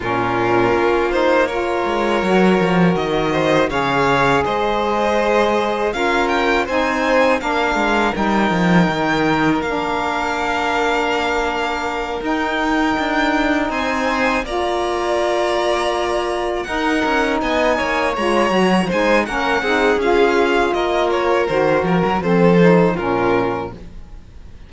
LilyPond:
<<
  \new Staff \with { instrumentName = "violin" } { \time 4/4 \tempo 4 = 81 ais'4. c''8 cis''2 | dis''4 f''4 dis''2 | f''8 g''8 gis''4 f''4 g''4~ | g''4 f''2.~ |
f''8 g''2 gis''4 ais''8~ | ais''2~ ais''8 fis''4 gis''8~ | gis''8 ais''4 gis''8 fis''4 f''4 | dis''8 cis''8 c''8 ais'8 c''4 ais'4 | }
  \new Staff \with { instrumentName = "violin" } { \time 4/4 f'2 ais'2~ | ais'8 c''8 cis''4 c''2 | ais'4 c''4 ais'2~ | ais'1~ |
ais'2~ ais'8 c''4 d''8~ | d''2~ d''8 ais'4 dis''8 | cis''4. c''8 ais'8 gis'4. | ais'2 a'4 f'4 | }
  \new Staff \with { instrumentName = "saxophone" } { \time 4/4 cis'4. dis'8 f'4 fis'4~ | fis'4 gis'2. | f'4 dis'4 d'4 dis'4~ | dis'4 d'2.~ |
d'8 dis'2. f'8~ | f'2~ f'8 dis'4.~ | dis'8 f'8 fis'8 dis'8 cis'8 dis'8 f'4~ | f'4 fis'4 c'8 dis'8 cis'4 | }
  \new Staff \with { instrumentName = "cello" } { \time 4/4 ais,4 ais4. gis8 fis8 f8 | dis4 cis4 gis2 | cis'4 c'4 ais8 gis8 g8 f8 | dis4 ais2.~ |
ais8 dis'4 d'4 c'4 ais8~ | ais2~ ais8 dis'8 cis'8 b8 | ais8 gis8 fis8 gis8 ais8 c'8 cis'4 | ais4 dis8 f16 fis16 f4 ais,4 | }
>>